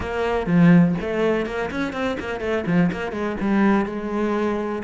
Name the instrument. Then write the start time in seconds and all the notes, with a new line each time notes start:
cello
0.00 A#3
0.46 F3
1.00 A3
1.45 A#3
1.71 C#4
1.92 C4
2.19 A#3
2.40 A3
2.66 F3
2.91 A#3
3.12 G#3
3.40 G3
3.85 G#3